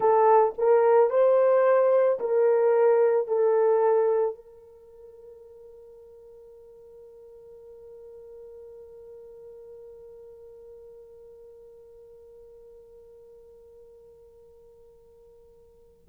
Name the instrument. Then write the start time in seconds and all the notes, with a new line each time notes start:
horn
0.00 A4
0.58 A#4
1.10 C5
2.19 A#4
3.27 A4
4.35 A#4